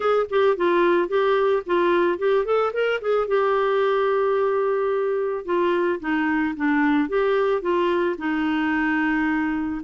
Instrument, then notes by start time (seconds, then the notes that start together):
clarinet
0.00 G#4
0.30 G4
0.56 F4
1.08 G4
1.66 F4
2.18 G4
2.45 A4
2.73 A#4
3.01 G#4
3.27 G4
5.45 F4
6.00 D#4
6.56 D4
7.08 G4
7.61 F4
8.18 D#4